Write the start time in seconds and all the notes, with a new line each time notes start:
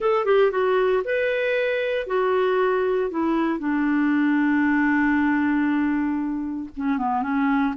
0.00 A4
0.25 G4
0.51 F#4
1.04 B4
2.06 F#4
3.10 E4
3.59 D4
6.76 C#4
6.98 B3
7.22 C#4